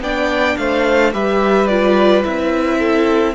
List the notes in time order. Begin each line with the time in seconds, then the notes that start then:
0.00 B3 D4 D5 G5
0.57 A3 C5 F5
1.13 G3 G4 B4 E5
1.67 F4 D5
2.24 C4 E4 E5
2.78 A4